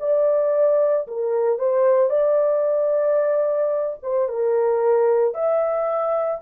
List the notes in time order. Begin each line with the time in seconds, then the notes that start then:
0.00 D5
1.08 A#4
1.59 C5
2.10 D5
4.03 C5
4.29 A#4
5.34 E5